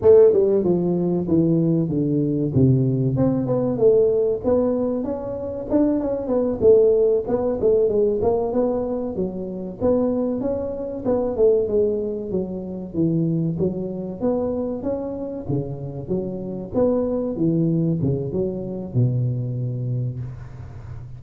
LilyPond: \new Staff \with { instrumentName = "tuba" } { \time 4/4 \tempo 4 = 95 a8 g8 f4 e4 d4 | c4 c'8 b8 a4 b4 | cis'4 d'8 cis'8 b8 a4 b8 | a8 gis8 ais8 b4 fis4 b8~ |
b8 cis'4 b8 a8 gis4 fis8~ | fis8 e4 fis4 b4 cis'8~ | cis'8 cis4 fis4 b4 e8~ | e8 cis8 fis4 b,2 | }